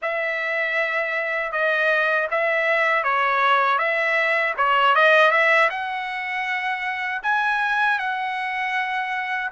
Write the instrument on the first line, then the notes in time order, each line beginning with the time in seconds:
trumpet
0.02 E5
1.52 D#5
2.30 E5
3.03 C#5
3.78 E5
4.57 C#5
4.95 D#5
5.31 E5
5.70 F#5
7.22 G#5
7.98 F#5